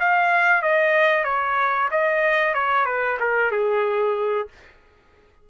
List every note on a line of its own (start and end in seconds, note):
0.00 0.62 F5
0.62 1.25 D#5
1.25 1.89 C#5
1.91 2.54 D#5
2.54 2.86 C#5
2.86 3.18 B4
3.20 3.51 A#4
3.51 4.48 G#4